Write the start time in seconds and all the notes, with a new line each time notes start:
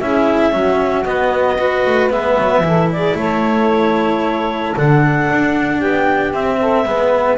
0.00 C#4 E4 G#4 E5
0.52 F#3 C#4 F#4
1.05 B3 D#5
1.59 F#4 B4
1.86 A3
2.10 G#3 B3 E5
2.38 F#3
2.61 E3 E4 A4
2.91 G#4 D5
3.15 A3 A4 C#5
4.77 D3 D4 F#5
5.31 D4
5.78 B3 G4 G5
6.33 C4 E5
6.60 A4
6.85 G#3 B3 B4